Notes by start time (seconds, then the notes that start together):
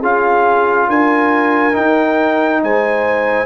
0.00 C#4 F4 G#4 F5
0.89 D4 A#4 G#5
1.73 D#4 G5
2.63 G#3 C5 G#5